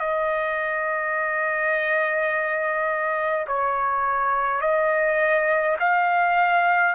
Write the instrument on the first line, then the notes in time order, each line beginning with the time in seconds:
trumpet
0.00 D#5
3.48 C#5
4.62 D#5
5.80 F5